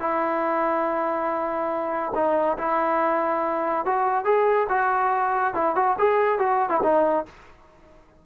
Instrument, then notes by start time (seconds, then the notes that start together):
trombone
0.00 E4
2.15 D#4
2.58 E4
3.85 F#4
4.25 G#4
4.69 F#4
5.54 E4
5.75 F#4
5.98 G#4
6.39 F#4
6.69 E4
6.83 D#4